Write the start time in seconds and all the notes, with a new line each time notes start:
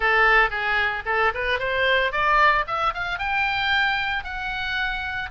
0.00 A4
0.50 G#4
1.05 A4
1.34 B4
1.59 C5
2.12 D5
2.67 E5
2.94 F5
3.18 G5
4.23 F#5